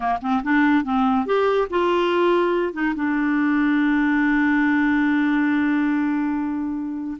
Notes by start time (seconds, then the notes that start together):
0.00 A#3
0.21 C4
0.43 D4
0.84 C4
1.25 G4
1.70 F4
2.73 D#4
2.95 D4